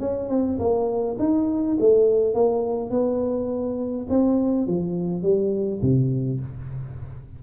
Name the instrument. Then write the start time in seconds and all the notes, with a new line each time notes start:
tuba
0.00 C#4
0.29 C4
0.59 A#3
1.19 D#4
1.80 A3
2.35 A#3
2.91 B3
4.10 C4
4.67 F3
5.23 G3
5.82 C3